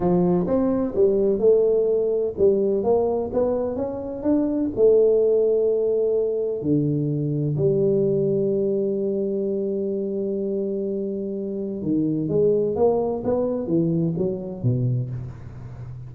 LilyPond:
\new Staff \with { instrumentName = "tuba" } { \time 4/4 \tempo 4 = 127 f4 c'4 g4 a4~ | a4 g4 ais4 b4 | cis'4 d'4 a2~ | a2 d2 |
g1~ | g1~ | g4 dis4 gis4 ais4 | b4 e4 fis4 b,4 | }